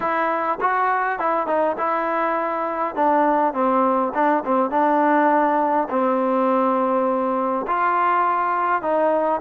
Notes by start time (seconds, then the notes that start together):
0.00 E4
0.60 F#4
1.19 E4
1.47 D#4
1.77 E4
2.95 D4
3.53 C4
4.14 D4
4.44 C4
4.70 D4
5.89 C4
7.67 F4
8.82 D#4